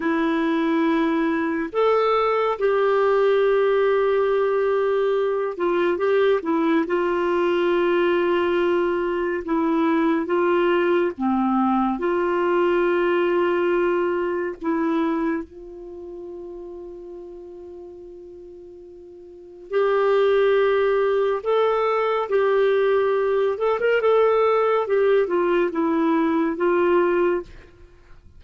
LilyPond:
\new Staff \with { instrumentName = "clarinet" } { \time 4/4 \tempo 4 = 70 e'2 a'4 g'4~ | g'2~ g'8 f'8 g'8 e'8 | f'2. e'4 | f'4 c'4 f'2~ |
f'4 e'4 f'2~ | f'2. g'4~ | g'4 a'4 g'4. a'16 ais'16 | a'4 g'8 f'8 e'4 f'4 | }